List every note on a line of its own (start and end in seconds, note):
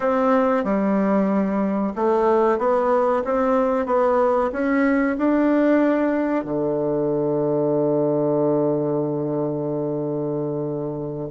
0.00 0.64 C4
0.64 1.93 G3
1.95 2.58 A3
2.58 3.23 B3
3.24 3.86 C4
3.86 4.50 B3
4.52 5.16 C#4
5.18 6.44 D4
6.44 11.28 D3